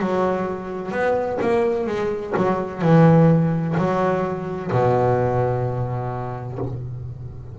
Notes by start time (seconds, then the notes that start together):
0.00 F#3
0.92 B3
1.41 A#3
1.87 G#3
2.37 F#3
2.82 E3
3.78 F#3
4.72 B2